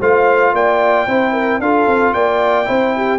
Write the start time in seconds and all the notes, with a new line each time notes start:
0.00 A3 F4 C5 F5
0.53 A#3 D5 G5
1.07 C4 E4 C5
1.33 A#4
1.60 D4 F4 A4 F5
1.87 C4
2.14 A#3 D5 G5
2.65 C4 E4 C5
2.97 G4